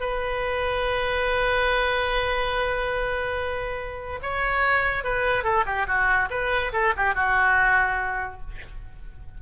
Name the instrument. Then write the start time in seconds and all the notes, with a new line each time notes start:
oboe
0.00 B4
4.22 C#5
5.04 B4
5.44 A4
5.66 G4
5.87 F#4
6.30 B4
6.73 A4
6.97 G4
7.15 F#4